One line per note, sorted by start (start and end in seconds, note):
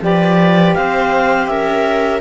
0.00 0.74 F3
0.00 2.20 G4
0.00 0.77 B4
0.00 0.74 D5
0.74 1.47 C4
0.74 1.50 C5
0.74 1.47 F5
1.47 2.20 C#4
1.47 2.21 A#4
1.47 2.20 E5